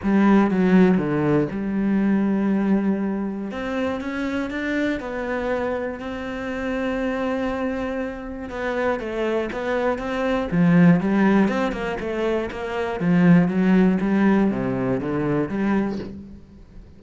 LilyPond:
\new Staff \with { instrumentName = "cello" } { \time 4/4 \tempo 4 = 120 g4 fis4 d4 g4~ | g2. c'4 | cis'4 d'4 b2 | c'1~ |
c'4 b4 a4 b4 | c'4 f4 g4 c'8 ais8 | a4 ais4 f4 fis4 | g4 c4 d4 g4 | }